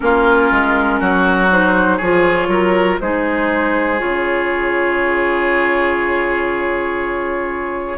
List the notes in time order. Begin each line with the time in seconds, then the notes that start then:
0.00 A#3 C#4 F4 A#4
0.51 G#3
1.00 F#3 F#4
1.50 D#4 C5
1.97 F3 F4 G#4 C#5
2.47 F#3 A#4
3.00 G#3 D#4 G#4 C5
3.98 C#3 F4 C#5